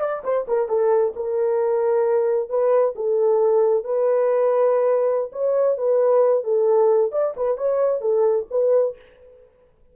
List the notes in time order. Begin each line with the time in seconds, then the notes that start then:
0.00 D5
0.24 C5
0.48 A#4
0.69 A4
1.16 A#4
2.49 B4
2.95 A4
3.84 B4
5.32 C#5
5.77 B4
6.44 A4
7.12 D5
7.37 B4
7.57 C#5
8.01 A4
8.51 B4